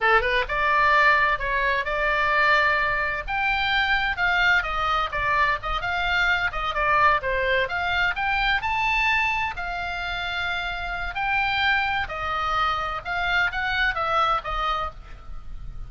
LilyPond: \new Staff \with { instrumentName = "oboe" } { \time 4/4 \tempo 4 = 129 a'8 b'8 d''2 cis''4 | d''2. g''4~ | g''4 f''4 dis''4 d''4 | dis''8 f''4. dis''8 d''4 c''8~ |
c''8 f''4 g''4 a''4.~ | a''8 f''2.~ f''8 | g''2 dis''2 | f''4 fis''4 e''4 dis''4 | }